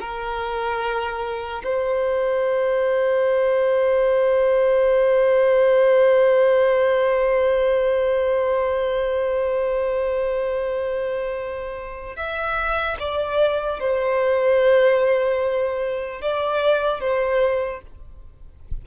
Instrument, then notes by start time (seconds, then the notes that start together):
violin
0.00 A#4
1.64 C5
12.16 E5
12.99 D5
13.79 C5
16.21 D5
17.00 C5